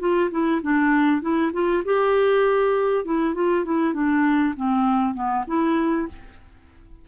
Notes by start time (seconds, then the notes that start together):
0.00 F4
0.31 E4
0.62 D4
1.21 E4
1.53 F4
1.85 G4
3.05 E4
3.35 F4
3.65 E4
3.94 D4
4.56 C4
5.14 B3
5.47 E4